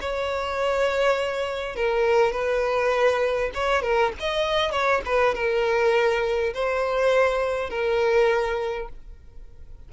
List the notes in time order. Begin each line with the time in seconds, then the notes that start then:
0.00 C#5
1.76 A#4
2.32 B4
3.54 C#5
3.82 A#4
4.19 D#5
4.71 C#5
5.05 B4
5.34 A#4
6.53 C5
7.70 A#4